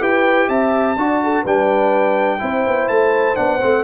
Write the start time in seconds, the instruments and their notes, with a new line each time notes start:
0.00 tuba E4, trombone G4, horn B4, trumpet G5
0.47 tuba C4, horn E5, trumpet A5
0.96 tuba D4, trombone F#4, horn D5
1.24 horn A4
1.42 tuba G3, trombone D4, horn B4, trumpet G5
2.39 tuba C4, trombone E4, horn C5
2.67 tuba B3
2.88 tuba A3, trumpet A5
3.35 tuba B3, trombone D4, trumpet F#5
3.61 tuba A3, trombone C4